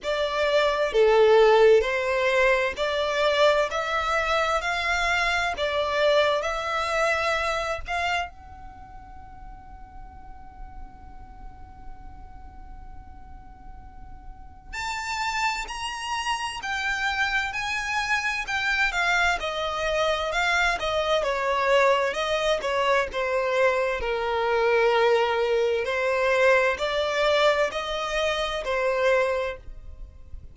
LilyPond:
\new Staff \with { instrumentName = "violin" } { \time 4/4 \tempo 4 = 65 d''4 a'4 c''4 d''4 | e''4 f''4 d''4 e''4~ | e''8 f''8 fis''2.~ | fis''1 |
a''4 ais''4 g''4 gis''4 | g''8 f''8 dis''4 f''8 dis''8 cis''4 | dis''8 cis''8 c''4 ais'2 | c''4 d''4 dis''4 c''4 | }